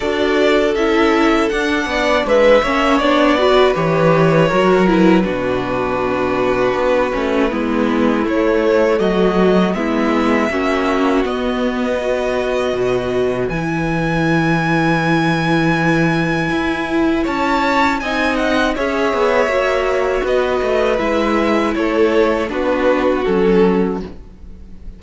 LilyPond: <<
  \new Staff \with { instrumentName = "violin" } { \time 4/4 \tempo 4 = 80 d''4 e''4 fis''4 e''4 | d''4 cis''4. b'4.~ | b'2. cis''4 | dis''4 e''2 dis''4~ |
dis''2 gis''2~ | gis''2. a''4 | gis''8 fis''8 e''2 dis''4 | e''4 cis''4 b'4 a'4 | }
  \new Staff \with { instrumentName = "violin" } { \time 4/4 a'2~ a'8 d''8 b'8 cis''8~ | cis''8 b'4. ais'4 fis'4~ | fis'2 e'2 | fis'4 e'4 fis'2 |
b'1~ | b'2. cis''4 | dis''4 cis''2 b'4~ | b'4 a'4 fis'2 | }
  \new Staff \with { instrumentName = "viola" } { \time 4/4 fis'4 e'4 d'4. cis'8 | d'8 fis'8 g'4 fis'8 e'8 d'4~ | d'4. cis'8 b4 a4~ | a4 b4 cis'4 b4 |
fis'2 e'2~ | e'1 | dis'4 gis'4 fis'2 | e'2 d'4 cis'4 | }
  \new Staff \with { instrumentName = "cello" } { \time 4/4 d'4 cis'4 d'8 b8 gis8 ais8 | b4 e4 fis4 b,4~ | b,4 b8 a8 gis4 a4 | fis4 gis4 ais4 b4~ |
b4 b,4 e2~ | e2 e'4 cis'4 | c'4 cis'8 b8 ais4 b8 a8 | gis4 a4 b4 fis4 | }
>>